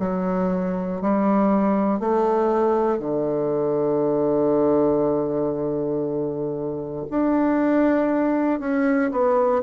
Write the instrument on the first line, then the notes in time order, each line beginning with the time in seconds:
bassoon
0.00 F#3
1.02 G3
2.00 A3
3.00 D3
7.10 D4
8.60 C#4
9.12 B3